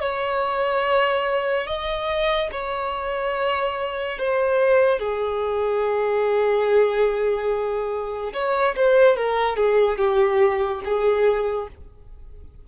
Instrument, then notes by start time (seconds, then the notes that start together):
violin
0.00 C#5
1.66 D#5
2.52 C#5
4.18 C5
4.99 G#4
8.33 C#5
8.76 C5
9.16 A#4
9.56 G#4
9.98 G4
10.84 G#4